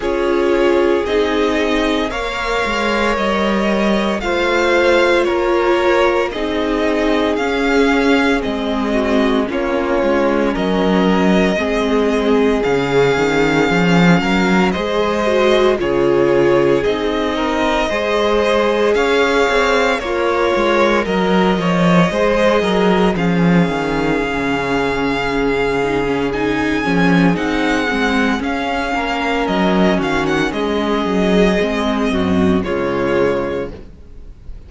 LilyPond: <<
  \new Staff \with { instrumentName = "violin" } { \time 4/4 \tempo 4 = 57 cis''4 dis''4 f''4 dis''4 | f''4 cis''4 dis''4 f''4 | dis''4 cis''4 dis''2 | f''2 dis''4 cis''4 |
dis''2 f''4 cis''4 | dis''2 f''2~ | f''4 gis''4 fis''4 f''4 | dis''8 f''16 fis''16 dis''2 cis''4 | }
  \new Staff \with { instrumentName = "violin" } { \time 4/4 gis'2 cis''2 | c''4 ais'4 gis'2~ | gis'8 fis'8 f'4 ais'4 gis'4~ | gis'4. ais'8 c''4 gis'4~ |
gis'8 ais'8 c''4 cis''4 f'4 | ais'8 cis''8 c''8 ais'8 gis'2~ | gis'2.~ gis'8 ais'8~ | ais'8 fis'8 gis'4. fis'8 f'4 | }
  \new Staff \with { instrumentName = "viola" } { \time 4/4 f'4 dis'4 ais'2 | f'2 dis'4 cis'4 | c'4 cis'2 c'4 | cis'2 gis'8 fis'8 f'4 |
dis'4 gis'2 ais'4~ | ais'4 gis'4 cis'2~ | cis'8 dis'16 cis'16 dis'8 cis'8 dis'8 c'8 cis'4~ | cis'2 c'4 gis4 | }
  \new Staff \with { instrumentName = "cello" } { \time 4/4 cis'4 c'4 ais8 gis8 g4 | a4 ais4 c'4 cis'4 | gis4 ais8 gis8 fis4 gis4 | cis8 dis8 f8 fis8 gis4 cis4 |
c'4 gis4 cis'8 c'8 ais8 gis8 | fis8 f8 gis8 fis8 f8 dis8 cis4~ | cis4. f8 c'8 gis8 cis'8 ais8 | fis8 dis8 gis8 fis8 gis8 fis,8 cis4 | }
>>